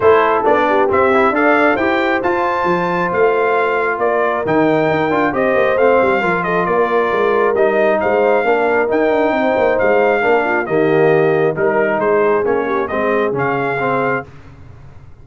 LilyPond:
<<
  \new Staff \with { instrumentName = "trumpet" } { \time 4/4 \tempo 4 = 135 c''4 d''4 e''4 f''4 | g''4 a''2 f''4~ | f''4 d''4 g''2 | dis''4 f''4. dis''8 d''4~ |
d''4 dis''4 f''2 | g''2 f''2 | dis''2 ais'4 c''4 | cis''4 dis''4 f''2 | }
  \new Staff \with { instrumentName = "horn" } { \time 4/4 a'4. g'4. d''4 | c''1~ | c''4 ais'2. | c''2 ais'8 a'8 ais'4~ |
ais'2 c''4 ais'4~ | ais'4 c''2 ais'8 f'8 | g'2 ais'4 gis'4~ | gis'8 g'8 gis'2. | }
  \new Staff \with { instrumentName = "trombone" } { \time 4/4 e'4 d'4 c'8 e'8 a'4 | g'4 f'2.~ | f'2 dis'4. f'8 | g'4 c'4 f'2~ |
f'4 dis'2 d'4 | dis'2. d'4 | ais2 dis'2 | cis'4 c'4 cis'4 c'4 | }
  \new Staff \with { instrumentName = "tuba" } { \time 4/4 a4 b4 c'4 d'4 | e'4 f'4 f4 a4~ | a4 ais4 dis4 dis'8 d'8 | c'8 ais8 a8 g8 f4 ais4 |
gis4 g4 gis4 ais4 | dis'8 d'8 c'8 ais8 gis4 ais4 | dis2 g4 gis4 | ais4 gis4 cis2 | }
>>